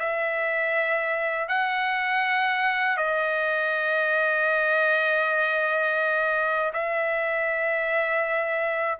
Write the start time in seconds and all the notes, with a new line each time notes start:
0.00 E5
1.49 F#5
2.98 D#5
6.74 E5